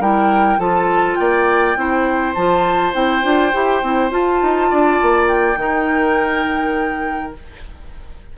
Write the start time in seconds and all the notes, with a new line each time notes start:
0.00 G3 E4 A#4 G5
0.59 F3 F4 A4 A5
1.16 A#3 D5 G5
1.76 C4 E4 C5
2.34 F3 F4 A5
2.93 C4 E4 G5
3.23 D4 F4
3.53 E4 G4
3.83 C4 E4
4.11 F4 A5
4.42 D#4
4.70 D4 D5
5.02 A#3
5.28 G5
5.57 D#3 D#4 A#4